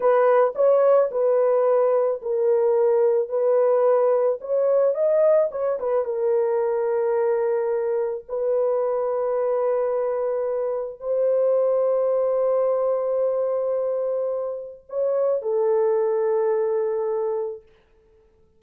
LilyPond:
\new Staff \with { instrumentName = "horn" } { \time 4/4 \tempo 4 = 109 b'4 cis''4 b'2 | ais'2 b'2 | cis''4 dis''4 cis''8 b'8 ais'4~ | ais'2. b'4~ |
b'1 | c''1~ | c''2. cis''4 | a'1 | }